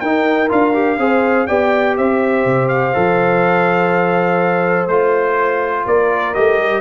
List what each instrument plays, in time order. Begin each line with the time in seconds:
0.00 tuba D#4, trombone D#4, horn A#4, trumpet G5
0.49 tuba D4, trombone F4, trumpet F5
0.74 trombone G4
0.99 tuba C4, trombone G#4, horn C5
1.47 tuba B3, trombone G4, horn D5, trumpet G5
1.97 tuba C4, horn C5, trumpet E5
2.45 tuba C3
2.68 trumpet F5
2.94 tuba F3, trombone A4
4.87 tuba A3, trombone F4, trumpet C5
5.87 tuba A#3, horn A#4, trumpet D5
6.34 tuba A3, trombone G4, trumpet D#5
6.59 tuba G3